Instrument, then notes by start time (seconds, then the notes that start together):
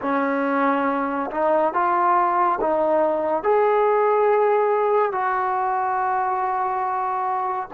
trombone
0.01 C#4
1.31 D#4
1.73 F4
2.60 D#4
3.43 G#4
5.12 F#4